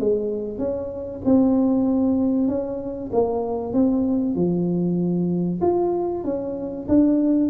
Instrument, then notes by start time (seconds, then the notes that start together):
tuba
0.00 G#3
0.59 C#4
1.25 C4
2.49 C#4
3.13 A#3
3.74 C4
4.36 F3
5.62 F4
6.25 C#4
6.89 D4